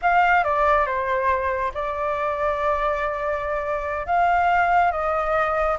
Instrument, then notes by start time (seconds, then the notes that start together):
flute
0.02 F5
0.44 D5
0.86 C5
1.74 D5
4.06 F5
4.91 D#5